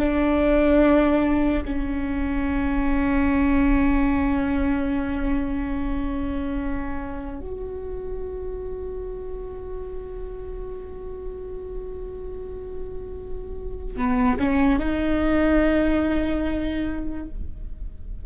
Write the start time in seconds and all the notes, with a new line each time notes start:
0.00 D4
1.65 C#4
7.40 F#4
13.97 B3
14.39 C#4
14.79 D#4